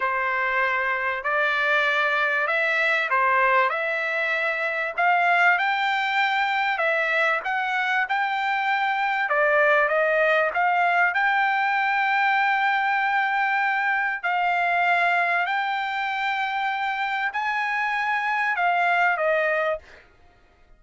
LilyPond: \new Staff \with { instrumentName = "trumpet" } { \time 4/4 \tempo 4 = 97 c''2 d''2 | e''4 c''4 e''2 | f''4 g''2 e''4 | fis''4 g''2 d''4 |
dis''4 f''4 g''2~ | g''2. f''4~ | f''4 g''2. | gis''2 f''4 dis''4 | }